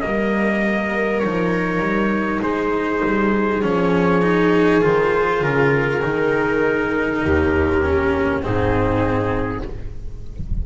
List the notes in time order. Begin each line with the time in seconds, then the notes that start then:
0.00 G3 A#3 A#4 D#5
1.19 F3 D#4 C#5
1.79 G3
2.42 G#3 G#4 C5
3.04 G3
3.62 F3 C#4 C#5
4.21 D#4
4.81 D#3 F4 C5
5.42 C#3 A#4
6.02 D#3 D#4
7.23 D#2 G4
7.82 C#4
8.42 G#2 C4 D#4 G#4